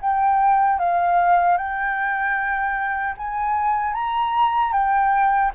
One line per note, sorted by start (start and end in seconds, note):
0.00 0.78 G5
0.78 1.57 F5
1.57 3.15 G5
3.17 3.93 G#5
3.93 4.72 A#5
4.72 5.51 G5